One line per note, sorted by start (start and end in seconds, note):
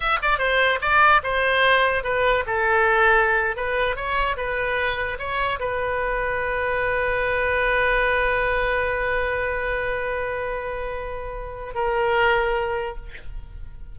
0.00 0.18 E5
0.21 0.38 D5
0.38 0.79 C5
0.81 1.21 D5
1.23 2.03 C5
2.03 2.44 B4
2.46 3.56 A4
3.56 3.96 B4
3.96 4.36 C#5
4.37 5.18 B4
5.18 5.59 C#5
5.59 11.74 B4
11.74 12.95 A#4